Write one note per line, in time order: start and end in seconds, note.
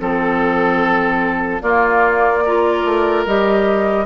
0.00 1.62 F3
0.00 1.62 C4
0.00 1.62 A4
1.62 2.84 A#3
1.62 2.44 A#3
1.62 2.44 F4
1.62 3.24 D5
2.45 3.27 F4
2.45 4.06 A#4
2.85 3.25 A3
3.26 4.06 G3
3.26 4.06 G4
3.26 4.06 D#5